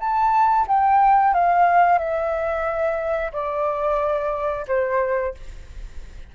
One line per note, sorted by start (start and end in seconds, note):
0.00 0.67 A5
0.68 1.34 G5
1.34 1.99 F5
1.99 3.32 E5
3.32 4.66 D5
4.68 5.35 C5